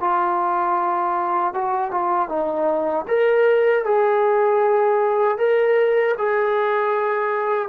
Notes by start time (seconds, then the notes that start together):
0.00 F4
1.53 F#4
1.91 F4
2.28 D#4
3.08 A#4
3.85 G#4
5.38 A#4
6.17 G#4